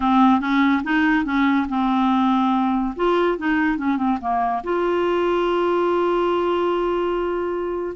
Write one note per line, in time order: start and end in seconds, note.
0.00 0.40 C4
0.40 0.82 C#4
0.83 1.24 D#4
1.24 1.66 C#4
1.69 2.94 C4
2.96 3.38 F4
3.38 3.77 D#4
3.77 3.97 C#4
3.97 4.18 C4
4.21 4.62 A#3
4.63 7.96 F4